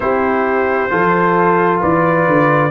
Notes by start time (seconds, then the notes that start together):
0.00 C4 E4 G4 C5
0.90 F3 F4 A4
1.80 E3 B4 D5
2.27 D3